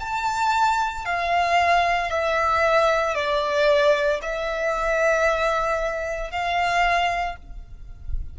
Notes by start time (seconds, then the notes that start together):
0.00 A5
1.05 F5
2.10 E5
3.15 D5
4.22 E5
6.31 F5